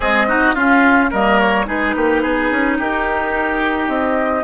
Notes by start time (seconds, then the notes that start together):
0.00 G#3 C4 G#4 D#5
0.27 D#4 F#4
0.54 C#4 F4 F5
1.10 G3 A#3 A#4 D#5
1.39 C#5
1.65 G#3 D#4 G#4 B4
1.95 A#3 G4
2.22 B3 G#4
2.51 C#4
2.78 D#4 G4 A#4
3.88 C4 D#5